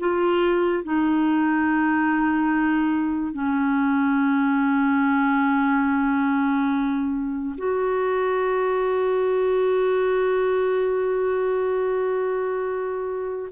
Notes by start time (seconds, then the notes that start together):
0.00 F4
0.84 D#4
3.33 C#4
7.58 F#4